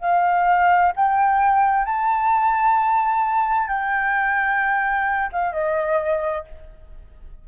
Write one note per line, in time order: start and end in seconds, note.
0.00 0.92 F5
0.96 1.85 G5
1.85 3.68 A5
3.68 5.30 G5
5.32 5.52 F5
5.52 6.44 D#5